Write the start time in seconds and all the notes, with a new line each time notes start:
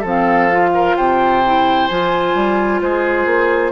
0.00 F3 C4 A4
0.07 F5
0.51 F4
0.74 A#4
0.96 C3 C5 G5
1.45 E4
1.87 F3 F4 G#5
2.34 G3
2.81 G#3 G#4 C5
3.26 A#3